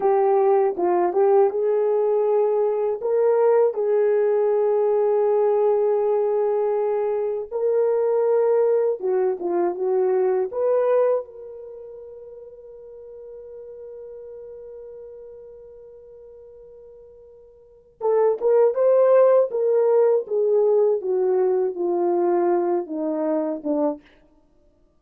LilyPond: \new Staff \with { instrumentName = "horn" } { \time 4/4 \tempo 4 = 80 g'4 f'8 g'8 gis'2 | ais'4 gis'2.~ | gis'2 ais'2 | fis'8 f'8 fis'4 b'4 ais'4~ |
ais'1~ | ais'1 | a'8 ais'8 c''4 ais'4 gis'4 | fis'4 f'4. dis'4 d'8 | }